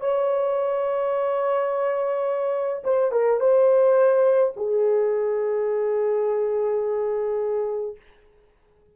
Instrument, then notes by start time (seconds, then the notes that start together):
horn
0.00 C#5
2.84 C5
3.12 A#4
3.40 C5
4.56 G#4